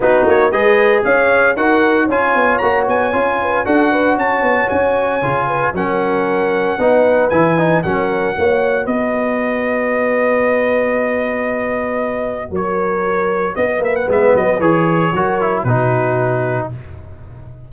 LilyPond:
<<
  \new Staff \with { instrumentName = "trumpet" } { \time 4/4 \tempo 4 = 115 b'8 cis''8 dis''4 f''4 fis''4 | gis''4 ais''8 gis''4. fis''4 | a''4 gis''2 fis''4~ | fis''2 gis''4 fis''4~ |
fis''4 dis''2.~ | dis''1 | cis''2 dis''8 e''16 fis''16 e''8 dis''8 | cis''2 b'2 | }
  \new Staff \with { instrumentName = "horn" } { \time 4/4 fis'4 b'4 cis''4 ais'4 | cis''2~ cis''8 b'8 a'8 b'8 | cis''2~ cis''8 b'8 ais'4~ | ais'4 b'2 ais'4 |
cis''4 b'2.~ | b'1 | ais'2 b'2~ | b'4 ais'4 fis'2 | }
  \new Staff \with { instrumentName = "trombone" } { \time 4/4 dis'4 gis'2 fis'4 | f'4 fis'4 f'4 fis'4~ | fis'2 f'4 cis'4~ | cis'4 dis'4 e'8 dis'8 cis'4 |
fis'1~ | fis'1~ | fis'2. b4 | gis'4 fis'8 e'8 dis'2 | }
  \new Staff \with { instrumentName = "tuba" } { \time 4/4 b8 ais8 gis4 cis'4 dis'4 | cis'8 b8 ais8 b8 cis'4 d'4 | cis'8 b8 cis'4 cis4 fis4~ | fis4 b4 e4 fis4 |
ais4 b2.~ | b1 | fis2 b8 ais8 gis8 fis8 | e4 fis4 b,2 | }
>>